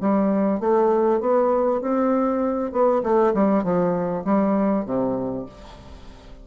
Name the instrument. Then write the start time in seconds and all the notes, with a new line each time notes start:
bassoon
0.00 G3
0.60 A3
1.20 B3
1.81 C4
2.71 B3
3.03 A3
3.34 G3
3.63 F3
4.24 G3
4.85 C3